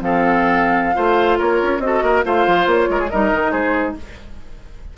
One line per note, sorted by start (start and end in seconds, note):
0.00 0.97 F3
0.00 0.95 C4
0.00 0.96 A4
0.00 1.39 F5
0.95 1.39 A3
0.95 1.80 F4
0.95 1.38 C5
1.38 1.62 A#3
1.38 1.81 A#4
1.38 1.81 C#5
1.62 1.79 C#4
1.79 2.00 C4
1.79 2.24 F#4
1.79 2.23 D#5
1.86 2.04 A4
2.03 2.24 A#3
2.03 2.25 A#4
2.24 2.47 A3
2.24 3.09 F4
2.24 2.89 C5
2.24 2.68 F5
2.47 2.66 F3
2.66 2.87 A#3
2.66 3.10 C#5
2.89 3.11 G#3
2.89 3.00 A#4
3.00 3.10 G#4
3.10 3.33 G3
3.10 3.98 D#4
3.10 3.51 A#4
3.10 3.52 D#5
3.33 3.52 D#3
3.51 3.95 G#3
3.51 3.94 G#4
3.51 3.94 C5